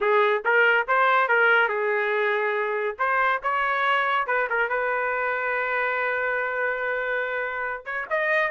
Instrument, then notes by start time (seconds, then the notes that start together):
trumpet
0.00 G#4
0.44 A#4
0.87 C5
1.28 A#4
1.68 G#4
2.98 C5
3.43 C#5
4.26 B4
4.49 A#4
4.69 B4
7.85 C#5
8.10 D#5